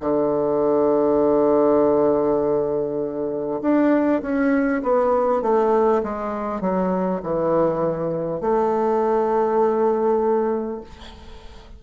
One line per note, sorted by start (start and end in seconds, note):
0.00 3.60 D3
3.61 4.21 D4
4.22 4.82 C#4
4.82 5.42 B3
5.42 6.02 A3
6.03 6.61 G#3
6.61 7.21 F#3
7.22 8.41 E3
8.41 10.81 A3